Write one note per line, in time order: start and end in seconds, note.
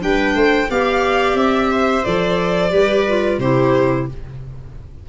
0.00 0.34 G3
0.00 0.67 D4
0.00 0.36 B4
0.00 0.70 G5
0.34 0.68 A3
0.34 0.69 C5
0.70 1.35 B3
0.70 2.04 G4
0.70 1.71 D5
0.70 1.37 F5
1.35 2.02 C4
1.35 2.04 E5
1.71 2.72 C5
2.04 2.72 F3
2.04 2.70 A4
2.04 3.39 D5
2.70 3.38 G3
2.70 3.04 G4
2.70 3.39 B4
3.08 3.41 F4
3.38 4.06 C3
3.38 4.08 E4
3.38 4.07 G4
3.38 4.07 C5